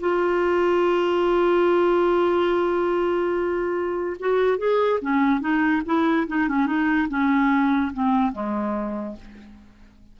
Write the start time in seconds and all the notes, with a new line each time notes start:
0.00 F4
4.20 F#4
4.58 G#4
5.01 C#4
5.40 D#4
5.85 E4
6.27 D#4
6.48 C#4
6.66 D#4
7.09 C#4
7.93 C4
8.32 G#3